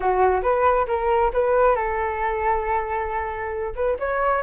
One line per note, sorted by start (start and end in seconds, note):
0.00 0.41 F#4
0.42 0.86 B4
0.87 1.31 A#4
1.33 1.75 B4
1.75 3.74 A4
3.75 3.97 B4
3.99 4.42 C#5